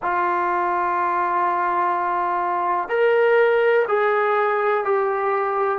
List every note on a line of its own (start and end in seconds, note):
0.02 2.89 F4
2.89 3.85 A#4
3.88 4.84 G#4
4.84 5.78 G4